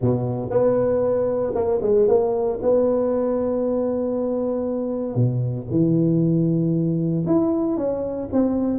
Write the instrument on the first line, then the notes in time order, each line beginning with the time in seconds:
tuba
0.01 B2
0.50 B3
1.54 A#3
1.82 G#3
2.08 A#3
2.61 B3
5.15 B2
5.70 E3
7.26 E4
7.77 C#4
8.32 C4